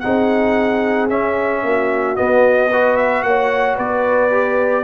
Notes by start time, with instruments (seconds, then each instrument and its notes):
0.00 tuba C4, trombone D#4, horn G#4, trumpet F#5
1.09 trombone C#4, tuba C#4, trumpet E5
1.63 tuba A#3, horn F#4
2.16 trombone B3, tuba B3, trumpet D#5
2.70 trombone F#4, horn B4
2.96 trumpet E5
3.23 tuba A#3, horn C#5, trumpet F#5
3.76 tuba B3, horn B4, trumpet D5
4.30 trombone G4